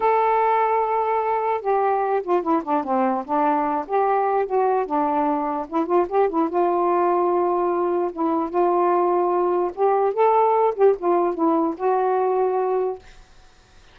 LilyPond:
\new Staff \with { instrumentName = "saxophone" } { \time 4/4 \tempo 4 = 148 a'1 | g'4. f'8 e'8 d'8 c'4 | d'4. g'4. fis'4 | d'2 e'8 f'8 g'8 e'8 |
f'1 | e'4 f'2. | g'4 a'4. g'8 f'4 | e'4 fis'2. | }